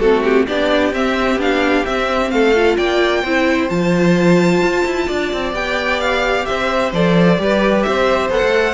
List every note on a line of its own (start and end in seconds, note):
0.00 0.48 A3
0.00 0.47 C4
0.00 0.46 F#4
0.00 0.23 A4
0.24 0.47 G4
0.47 0.93 B3
0.47 0.94 D4
0.47 2.32 G4
0.47 0.94 D5
0.93 1.37 C4
0.93 1.39 C4
0.93 1.41 E5
1.37 1.83 B3
1.37 1.85 D4
1.37 1.86 F5
1.85 2.54 C4
1.85 2.31 C4
1.85 2.31 E5
2.31 2.78 A3
2.31 2.78 A4
2.31 2.77 F5
2.55 3.25 F4
2.77 3.24 A#3
2.77 3.23 D5
2.77 3.70 G5
3.23 3.70 C4
3.23 3.70 E4
3.23 5.07 C5
3.70 4.62 F3
3.70 5.53 F4
3.70 5.54 A5
4.62 4.85 F4
4.86 5.09 E4
5.07 5.33 D4
5.07 6.46 D5
5.33 5.53 C4
5.53 6.46 B3
5.53 6.92 G4
5.53 6.00 G5
6.00 6.46 F5
6.46 6.93 C4
6.46 7.41 C5
6.46 6.92 E5
6.93 7.39 F3
6.93 7.38 A4
6.93 7.83 D5
7.38 7.86 G3
7.38 8.31 G4
7.38 7.87 B4
7.83 8.31 C4
7.83 8.75 C5
7.83 8.29 E5
8.31 8.42 B3
8.31 8.75 A4
8.31 8.75 F#5
8.43 8.75 A3